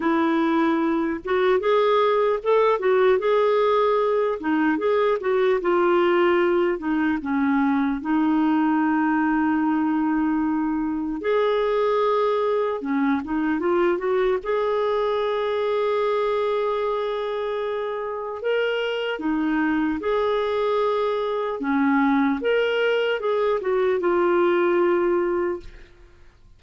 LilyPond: \new Staff \with { instrumentName = "clarinet" } { \time 4/4 \tempo 4 = 75 e'4. fis'8 gis'4 a'8 fis'8 | gis'4. dis'8 gis'8 fis'8 f'4~ | f'8 dis'8 cis'4 dis'2~ | dis'2 gis'2 |
cis'8 dis'8 f'8 fis'8 gis'2~ | gis'2. ais'4 | dis'4 gis'2 cis'4 | ais'4 gis'8 fis'8 f'2 | }